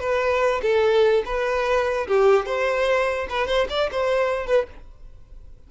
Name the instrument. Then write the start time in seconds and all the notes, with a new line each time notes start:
violin
0.00 B4
0.62 A4
1.25 B4
2.08 G4
2.46 C5
3.29 B4
3.47 C5
3.69 D5
3.91 C5
4.47 B4